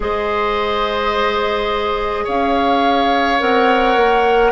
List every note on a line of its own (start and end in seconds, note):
0.00 2.25 G#3
0.00 3.39 G#4
0.00 2.24 C5
0.00 2.27 D#5
2.24 3.40 C#4
2.24 4.50 C#5
2.24 3.40 F5
3.39 3.96 C4
3.39 4.52 A#4
3.39 4.52 F#5
3.96 4.52 A#3